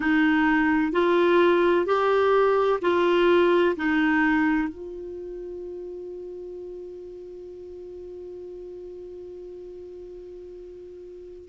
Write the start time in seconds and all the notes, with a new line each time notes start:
0.00 D#4
0.92 F4
1.85 G4
2.81 F4
3.76 D#4
4.68 F4